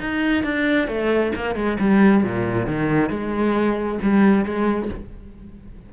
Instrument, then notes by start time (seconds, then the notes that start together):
cello
0.00 D#4
0.44 D4
0.88 A3
1.36 A#3
1.55 G#3
1.80 G3
2.23 A#2
2.66 D#3
3.10 G#3
4.02 G3
4.45 G#3